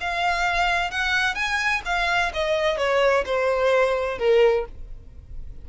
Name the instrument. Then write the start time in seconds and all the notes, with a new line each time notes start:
violin
0.00 F5
0.91 F#5
1.34 G#5
1.85 F5
2.33 D#5
2.77 C#5
3.25 C5
4.18 A#4